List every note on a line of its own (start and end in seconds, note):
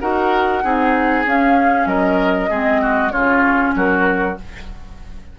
0.00 0.64 D#4
0.00 0.63 F#4
0.00 0.64 A#4
0.00 1.25 F#5
0.63 1.26 C4
0.63 1.26 D#4
0.63 1.88 G#4
1.26 1.86 C#4
1.26 2.51 C#4
1.26 1.87 F5
1.86 2.49 F#3
1.86 2.50 A#4
1.86 3.11 D#5
2.50 3.13 G#3
2.50 3.11 C4
2.50 2.82 G#4
2.82 3.12 F#4
3.11 3.75 C#3
3.11 4.36 C#4
3.11 3.75 F4
3.11 3.74 C#5
3.75 4.38 F#3
3.75 4.39 F#4
3.75 4.39 A#4